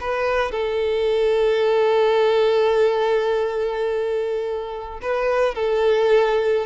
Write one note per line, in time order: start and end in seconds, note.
0.00 0.51 B4
0.51 5.00 A4
5.01 5.54 B4
5.54 6.66 A4